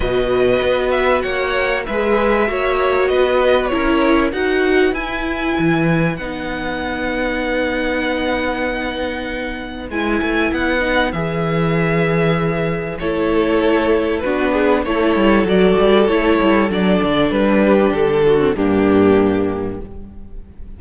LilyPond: <<
  \new Staff \with { instrumentName = "violin" } { \time 4/4 \tempo 4 = 97 dis''4. e''8 fis''4 e''4~ | e''4 dis''4 cis''4 fis''4 | gis''2 fis''2~ | fis''1 |
gis''4 fis''4 e''2~ | e''4 cis''2 b'4 | cis''4 d''4 cis''4 d''4 | b'4 a'4 g'2 | }
  \new Staff \with { instrumentName = "violin" } { \time 4/4 b'2 cis''4 b'4 | cis''4 b'4 ais'4 b'4~ | b'1~ | b'1~ |
b'1~ | b'4 a'2 fis'8 gis'8 | a'1~ | a'8 g'4 fis'8 d'2 | }
  \new Staff \with { instrumentName = "viola" } { \time 4/4 fis'2. gis'4 | fis'2 e'4 fis'4 | e'2 dis'2~ | dis'1 |
e'4. dis'8 gis'2~ | gis'4 e'2 d'4 | e'4 fis'4 e'4 d'4~ | d'4.~ d'16 c'16 ais2 | }
  \new Staff \with { instrumentName = "cello" } { \time 4/4 b,4 b4 ais4 gis4 | ais4 b4 cis'4 dis'4 | e'4 e4 b2~ | b1 |
gis8 a8 b4 e2~ | e4 a2 b4 | a8 g8 fis8 g8 a8 g8 fis8 d8 | g4 d4 g,2 | }
>>